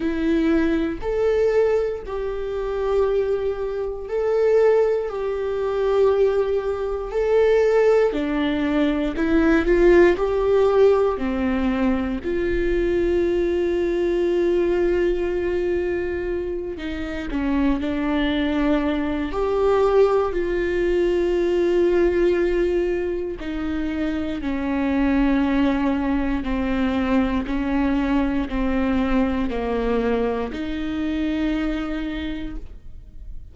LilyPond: \new Staff \with { instrumentName = "viola" } { \time 4/4 \tempo 4 = 59 e'4 a'4 g'2 | a'4 g'2 a'4 | d'4 e'8 f'8 g'4 c'4 | f'1~ |
f'8 dis'8 cis'8 d'4. g'4 | f'2. dis'4 | cis'2 c'4 cis'4 | c'4 ais4 dis'2 | }